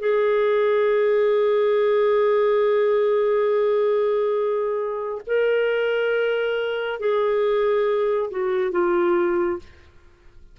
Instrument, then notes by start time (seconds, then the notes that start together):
clarinet
0.00 G#4
5.27 A#4
7.00 G#4
8.30 F#4
8.72 F4